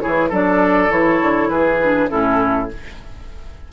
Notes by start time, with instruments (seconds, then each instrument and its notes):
0.00 bassoon E3, clarinet E4, oboe G#4, flute C#5
0.29 bassoon F#3, clarinet D4, oboe A4, flute D5
0.89 bassoon E3, clarinet E4, flute C#5
1.22 bassoon D3
1.49 bassoon E3, oboe G#4, flute B4
1.83 clarinet D4
2.08 bassoon A2, clarinet C#4, oboe E4, flute A4